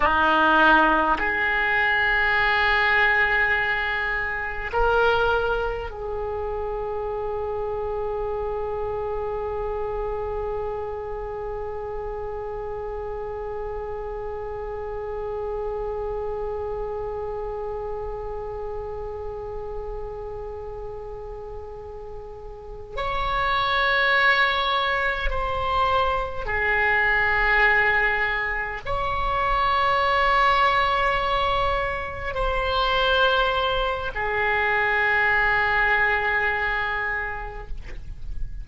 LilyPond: \new Staff \with { instrumentName = "oboe" } { \time 4/4 \tempo 4 = 51 dis'4 gis'2. | ais'4 gis'2.~ | gis'1~ | gis'1~ |
gis'2.~ gis'8 cis''8~ | cis''4. c''4 gis'4.~ | gis'8 cis''2. c''8~ | c''4 gis'2. | }